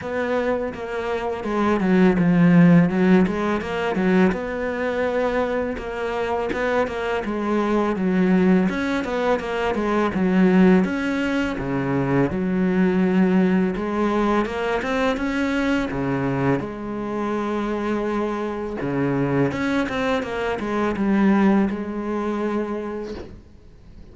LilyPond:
\new Staff \with { instrumentName = "cello" } { \time 4/4 \tempo 4 = 83 b4 ais4 gis8 fis8 f4 | fis8 gis8 ais8 fis8 b2 | ais4 b8 ais8 gis4 fis4 | cis'8 b8 ais8 gis8 fis4 cis'4 |
cis4 fis2 gis4 | ais8 c'8 cis'4 cis4 gis4~ | gis2 cis4 cis'8 c'8 | ais8 gis8 g4 gis2 | }